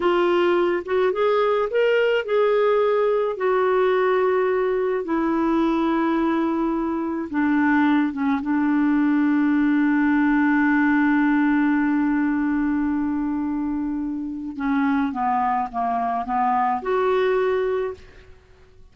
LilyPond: \new Staff \with { instrumentName = "clarinet" } { \time 4/4 \tempo 4 = 107 f'4. fis'8 gis'4 ais'4 | gis'2 fis'2~ | fis'4 e'2.~ | e'4 d'4. cis'8 d'4~ |
d'1~ | d'1~ | d'2 cis'4 b4 | ais4 b4 fis'2 | }